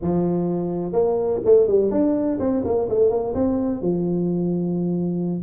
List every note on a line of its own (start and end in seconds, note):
0.01 0.92 F3
0.92 1.40 A#3
1.44 1.67 A3
1.67 1.91 G3
1.91 2.38 D4
2.39 2.63 C4
2.64 2.88 A#3
2.89 3.10 A3
3.10 3.34 A#3
3.34 3.81 C4
3.81 5.43 F3